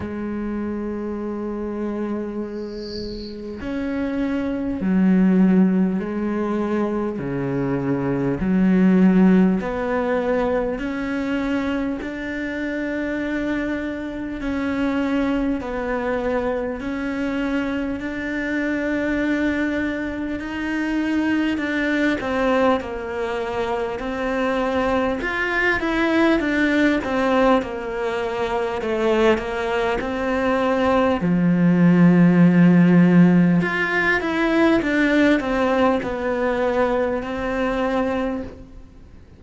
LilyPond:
\new Staff \with { instrumentName = "cello" } { \time 4/4 \tempo 4 = 50 gis2. cis'4 | fis4 gis4 cis4 fis4 | b4 cis'4 d'2 | cis'4 b4 cis'4 d'4~ |
d'4 dis'4 d'8 c'8 ais4 | c'4 f'8 e'8 d'8 c'8 ais4 | a8 ais8 c'4 f2 | f'8 e'8 d'8 c'8 b4 c'4 | }